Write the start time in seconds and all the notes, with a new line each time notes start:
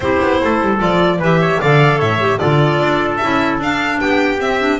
0.00 C4 E4 G4 C5
0.22 B3
0.43 A3 A4
0.60 G3
0.78 F3 F4 D5
1.18 E3 G4 B4 E5
1.40 C#5
1.60 D3 A4 D5 F5
1.98 A2 C#5 E5
2.19 G4
2.38 D3 F4 A4 D5
2.79 D4
3.16 E4 E5
3.23 C#4
3.59 D4 F5
4.00 B3 G4 G5
4.39 C4 E5
4.59 D4